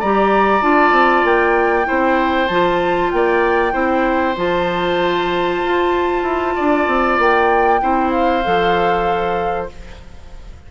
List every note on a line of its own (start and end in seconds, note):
0.00 0.62 G3
0.00 0.61 G4
0.00 1.87 D5
0.00 0.62 A#5
0.61 0.92 D4
0.61 1.85 F4
0.61 1.25 A5
0.92 1.23 C4
1.24 1.86 A#3
1.24 2.48 G5
1.85 2.49 C4
1.85 2.47 E4
1.85 3.12 C5
2.48 3.12 F3
2.48 3.72 F4
2.48 3.10 A5
3.11 3.73 A#3
3.11 3.73 D5
3.11 4.36 G5
3.72 4.36 C4
3.72 4.34 E4
3.72 6.54 C5
4.36 5.62 F3
4.36 7.80 F4
4.36 7.19 A5
5.64 6.23 F4
6.23 6.54 E4
6.56 6.87 D4
6.56 7.81 D5
6.87 7.18 C4
7.18 7.81 A#3
7.18 8.10 G5
7.81 8.45 C4
7.81 8.43 E4
7.81 9.69 C5
8.10 9.67 F5
8.44 9.71 F3
8.44 9.69 A4